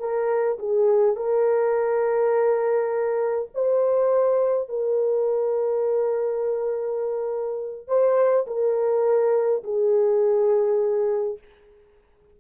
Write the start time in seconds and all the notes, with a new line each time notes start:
0.00 A#4
0.59 G#4
1.17 A#4
3.55 C5
4.69 A#4
7.88 C5
8.47 A#4
9.64 G#4